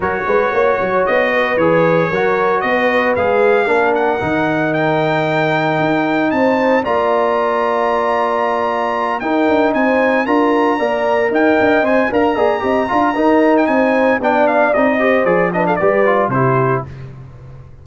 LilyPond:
<<
  \new Staff \with { instrumentName = "trumpet" } { \time 4/4 \tempo 4 = 114 cis''2 dis''4 cis''4~ | cis''4 dis''4 f''4. fis''8~ | fis''4 g''2. | a''4 ais''2.~ |
ais''4. g''4 gis''4 ais''8~ | ais''4. g''4 gis''8 ais''4~ | ais''4.~ ais''16 g''16 gis''4 g''8 f''8 | dis''4 d''8 dis''16 f''16 d''4 c''4 | }
  \new Staff \with { instrumentName = "horn" } { \time 4/4 ais'8 b'8 cis''4. b'4. | ais'4 b'2 ais'4~ | ais'1 | c''4 d''2.~ |
d''4. ais'4 c''4 ais'8~ | ais'8 d''4 dis''4. f''8 d''8 | dis''8 f''8 ais'4 c''4 d''4~ | d''8 c''4 b'16 a'16 b'4 g'4 | }
  \new Staff \with { instrumentName = "trombone" } { \time 4/4 fis'2. gis'4 | fis'2 gis'4 d'4 | dis'1~ | dis'4 f'2.~ |
f'4. dis'2 f'8~ | f'8 ais'2 c''8 ais'8 gis'8 | g'8 f'8 dis'2 d'4 | dis'8 g'8 gis'8 d'8 g'8 f'8 e'4 | }
  \new Staff \with { instrumentName = "tuba" } { \time 4/4 fis8 gis8 ais8 fis8 b4 e4 | fis4 b4 gis4 ais4 | dis2. dis'4 | c'4 ais2.~ |
ais4. dis'8 d'8 c'4 d'8~ | d'8 ais4 dis'8 d'8 c'8 d'8 ais8 | c'8 d'8 dis'4 c'4 b4 | c'4 f4 g4 c4 | }
>>